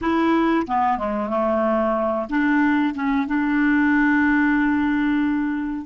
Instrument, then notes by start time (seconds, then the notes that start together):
clarinet
0.01 E4
0.66 B3
0.98 G#3
1.29 A3
2.29 D4
2.94 C#4
3.27 D4